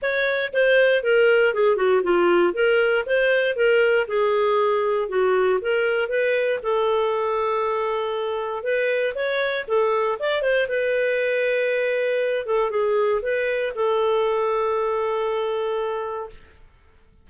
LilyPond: \new Staff \with { instrumentName = "clarinet" } { \time 4/4 \tempo 4 = 118 cis''4 c''4 ais'4 gis'8 fis'8 | f'4 ais'4 c''4 ais'4 | gis'2 fis'4 ais'4 | b'4 a'2.~ |
a'4 b'4 cis''4 a'4 | d''8 c''8 b'2.~ | b'8 a'8 gis'4 b'4 a'4~ | a'1 | }